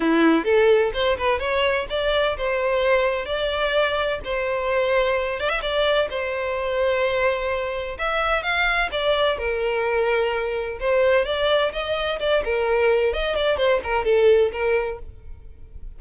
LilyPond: \new Staff \with { instrumentName = "violin" } { \time 4/4 \tempo 4 = 128 e'4 a'4 c''8 b'8 cis''4 | d''4 c''2 d''4~ | d''4 c''2~ c''8 d''16 e''16 | d''4 c''2.~ |
c''4 e''4 f''4 d''4 | ais'2. c''4 | d''4 dis''4 d''8 ais'4. | dis''8 d''8 c''8 ais'8 a'4 ais'4 | }